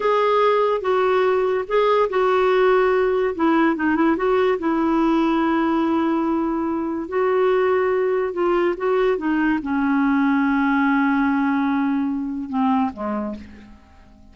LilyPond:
\new Staff \with { instrumentName = "clarinet" } { \time 4/4 \tempo 4 = 144 gis'2 fis'2 | gis'4 fis'2. | e'4 dis'8 e'8 fis'4 e'4~ | e'1~ |
e'4 fis'2. | f'4 fis'4 dis'4 cis'4~ | cis'1~ | cis'2 c'4 gis4 | }